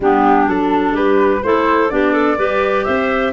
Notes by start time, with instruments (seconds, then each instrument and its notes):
0.00 tuba G3, clarinet B3 D4, flute G4
0.46 tuba F#3, clarinet D4, flute A4
0.91 tuba G3, clarinet G4, flute B4
1.43 tuba A3, clarinet E4 A4, flute C5
1.89 tuba B3, clarinet D4 G4, flute D5
2.13 clarinet A4
2.37 tuba G3, clarinet G4 B4
2.84 tuba C4, clarinet C5, flute E5